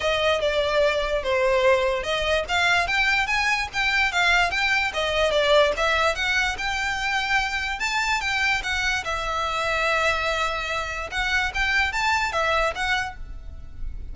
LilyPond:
\new Staff \with { instrumentName = "violin" } { \time 4/4 \tempo 4 = 146 dis''4 d''2 c''4~ | c''4 dis''4 f''4 g''4 | gis''4 g''4 f''4 g''4 | dis''4 d''4 e''4 fis''4 |
g''2. a''4 | g''4 fis''4 e''2~ | e''2. fis''4 | g''4 a''4 e''4 fis''4 | }